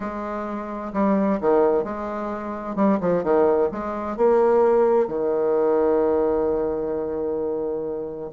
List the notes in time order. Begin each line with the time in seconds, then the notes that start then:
0.00 G#3
0.93 G3
1.41 D#3
1.84 G#3
2.75 G3
3.00 F3
3.23 D#3
3.71 G#3
4.16 A#3
5.07 D#3